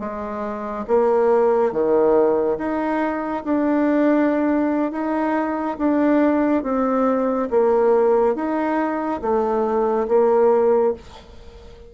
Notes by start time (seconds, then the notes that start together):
0.00 G#3
0.88 A#3
1.72 D#3
2.58 D#4
3.45 D4
4.92 D#4
5.79 D4
6.64 C4
7.51 A#3
8.35 D#4
9.22 A3
10.08 A#3